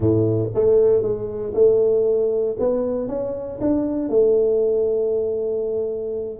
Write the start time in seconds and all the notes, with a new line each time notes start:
0.00 A2
0.54 A3
1.02 G#3
1.54 A3
2.59 B3
3.08 C#4
3.61 D4
4.09 A3